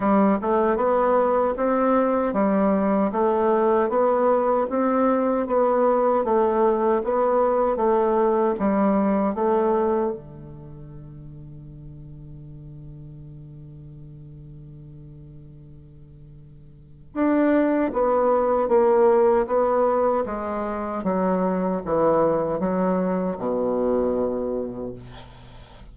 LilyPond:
\new Staff \with { instrumentName = "bassoon" } { \time 4/4 \tempo 4 = 77 g8 a8 b4 c'4 g4 | a4 b4 c'4 b4 | a4 b4 a4 g4 | a4 d2.~ |
d1~ | d2 d'4 b4 | ais4 b4 gis4 fis4 | e4 fis4 b,2 | }